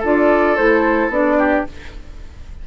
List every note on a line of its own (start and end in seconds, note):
0.00 0.58 D4
0.00 0.58 F4
0.00 1.38 A4
0.07 0.57 D5
0.57 1.09 A3
0.57 1.12 E4
0.57 1.12 C5
1.09 1.64 B3
1.09 1.67 D4
1.09 1.67 D5
1.38 1.66 G4